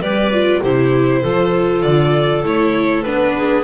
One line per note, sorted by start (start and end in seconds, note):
0.00 0.61 G3
0.00 0.32 G4
0.00 0.62 B4
0.00 0.62 D5
0.32 0.63 F4
0.63 1.23 C3
0.63 1.24 E4
0.63 1.20 G4
0.63 1.82 C5
1.20 1.83 F3
1.20 2.44 F4
1.20 3.33 A4
1.82 2.43 D3
1.82 2.42 D5
2.44 3.04 A3
2.44 3.04 E4
2.44 3.03 C#5
3.03 3.64 B3
3.03 3.64 D4
3.03 3.63 B4
3.35 3.64 G#4